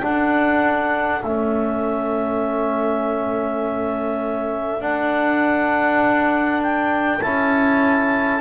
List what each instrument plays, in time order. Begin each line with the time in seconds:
0.00 trombone D4, double bass D4, clarinet A4 F#5
1.23 double bass A3, trombone C#4, clarinet E5
4.80 double bass D4, trombone D4, clarinet F#5
6.62 clarinet G5
7.21 double bass C#4, trombone E4, clarinet A5